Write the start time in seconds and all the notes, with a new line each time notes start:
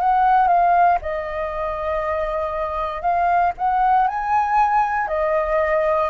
0.00 F#5
0.48 F5
1.02 D#5
3.02 F5
3.58 F#5
4.08 G#5
5.08 D#5